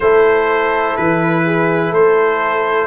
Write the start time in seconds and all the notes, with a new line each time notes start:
0.00 A3 E4 A4 C5
0.96 E3 B4
1.45 G#4
1.91 A3 A4 C5